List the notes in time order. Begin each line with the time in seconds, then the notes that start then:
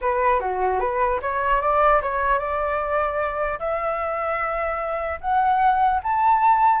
0.01 B4
0.40 F#4
0.79 B4
1.21 C#5
1.61 D5
2.01 C#5
2.39 D5
3.59 E5
5.21 F#5
6.03 A5